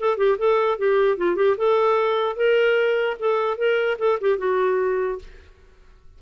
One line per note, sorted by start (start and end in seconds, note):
0.00 0.18 A4
0.18 0.38 G4
0.38 0.78 A4
0.78 1.18 G4
1.18 1.36 F4
1.36 1.56 G4
1.57 2.36 A4
2.36 3.17 A#4
3.20 3.57 A4
3.57 3.98 A#4
3.99 4.19 A4
4.21 4.39 G4
4.39 5.19 F#4